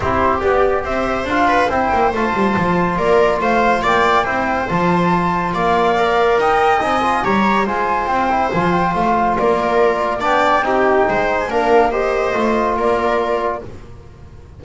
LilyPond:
<<
  \new Staff \with { instrumentName = "flute" } { \time 4/4 \tempo 4 = 141 c''4 d''4 e''4 f''4 | g''4 a''2 d''4 | f''4 g''2 a''4~ | a''4 f''2 g''4 |
gis''4 ais''4 gis''4 g''4 | gis''8 g''8 f''4 d''2 | g''2~ g''8. gis''16 f''4 | dis''2 d''2 | }
  \new Staff \with { instrumentName = "viola" } { \time 4/4 g'2 c''4. b'8 | c''2. ais'4 | c''4 d''4 c''2~ | c''4 d''2 dis''4~ |
dis''4 cis''4 c''2~ | c''2 ais'2 | d''4 g'4 c''4 ais'4 | c''2 ais'2 | }
  \new Staff \with { instrumentName = "trombone" } { \time 4/4 e'4 g'2 f'4 | e'4 f'2.~ | f'2 e'4 f'4~ | f'2 ais'2 |
dis'8 f'8 g'4 f'4. e'8 | f'1 | d'4 dis'2 d'4 | g'4 f'2. | }
  \new Staff \with { instrumentName = "double bass" } { \time 4/4 c'4 b4 c'4 d'4 | c'8 ais8 a8 g8 f4 ais4 | a4 ais4 c'4 f4~ | f4 ais2 dis'4 |
c'4 g4 gis4 c'4 | f4 a4 ais2 | b4 c'4 gis4 ais4~ | ais4 a4 ais2 | }
>>